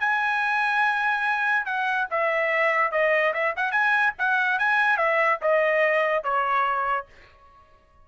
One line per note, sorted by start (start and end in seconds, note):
0.00 1.66 G#5
1.66 2.07 F#5
2.11 2.92 E5
2.92 3.33 D#5
3.34 3.55 E5
3.57 3.71 F#5
3.71 4.13 G#5
4.18 4.59 F#5
4.59 4.97 G#5
4.97 5.39 E5
5.42 6.24 D#5
6.24 7.06 C#5